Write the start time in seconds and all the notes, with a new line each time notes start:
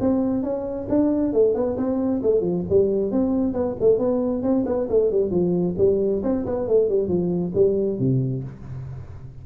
0.00 C4
0.43 C#4
0.89 D4
1.33 A3
1.55 B3
1.77 C4
2.22 A3
2.41 F3
2.70 G3
3.11 C4
3.54 B3
3.80 A3
3.98 B3
4.42 C4
4.66 B3
4.89 A3
5.11 G3
5.31 F3
5.78 G3
6.23 C4
6.46 B3
6.68 A3
6.89 G3
7.08 F3
7.55 G3
7.99 C3